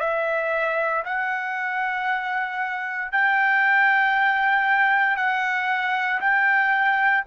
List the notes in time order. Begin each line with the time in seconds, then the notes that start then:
0.00 E5
1.05 F#5
3.12 G5
5.17 F#5
6.21 G5